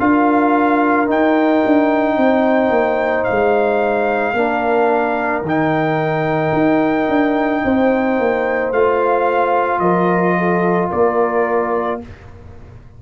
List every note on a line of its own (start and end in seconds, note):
0.00 1.09 D4
0.00 1.07 F4
0.00 2.17 A#4
0.00 1.09 F5
1.07 4.34 D#4
1.07 1.64 D#4
1.07 3.25 G5
1.66 2.17 D4
2.17 2.70 C4
2.17 4.35 C5
2.70 3.25 A#3
3.25 5.43 F5
3.31 4.34 G#3
4.34 5.42 A#3
4.34 5.44 D4
4.34 7.63 A#4
5.42 6.52 D#3
5.42 8.74 D#4
5.42 8.73 G5
6.53 7.08 D#4
7.09 7.63 D4
7.65 8.19 C4
7.65 9.82 C5
8.19 8.72 A#3
8.72 9.80 A3
8.72 12.02 F4
8.72 9.80 F5
9.80 10.89 F3
9.80 10.36 A#4
9.80 10.89 D#5
10.38 10.90 A4
10.90 12.02 A#3
10.90 11.99 A#4
10.90 12.01 D5